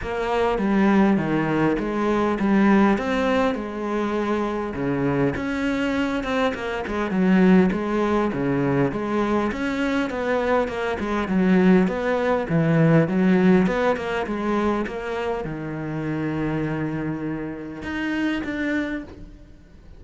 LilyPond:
\new Staff \with { instrumentName = "cello" } { \time 4/4 \tempo 4 = 101 ais4 g4 dis4 gis4 | g4 c'4 gis2 | cis4 cis'4. c'8 ais8 gis8 | fis4 gis4 cis4 gis4 |
cis'4 b4 ais8 gis8 fis4 | b4 e4 fis4 b8 ais8 | gis4 ais4 dis2~ | dis2 dis'4 d'4 | }